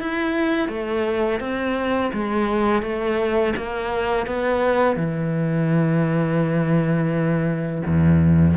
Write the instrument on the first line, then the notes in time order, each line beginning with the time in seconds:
cello
0.00 E4
0.69 A3
1.40 C4
2.13 G#3
2.82 A3
3.56 A#3
4.26 B3
4.96 E3
7.86 E2